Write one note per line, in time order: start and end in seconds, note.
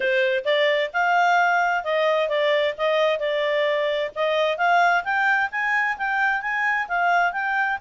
0.00 0.44 C5
0.45 0.90 D5
0.93 1.84 F5
1.84 2.28 D#5
2.28 2.74 D5
2.77 3.19 D#5
3.19 4.10 D5
4.15 4.57 D#5
4.57 5.03 F5
5.04 5.50 G5
5.51 5.97 G#5
5.97 6.41 G5
6.41 6.87 G#5
6.88 7.32 F5
7.32 7.78 G5